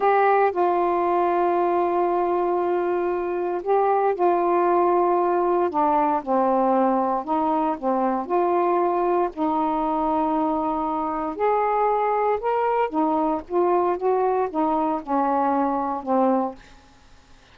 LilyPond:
\new Staff \with { instrumentName = "saxophone" } { \time 4/4 \tempo 4 = 116 g'4 f'2.~ | f'2. g'4 | f'2. d'4 | c'2 dis'4 c'4 |
f'2 dis'2~ | dis'2 gis'2 | ais'4 dis'4 f'4 fis'4 | dis'4 cis'2 c'4 | }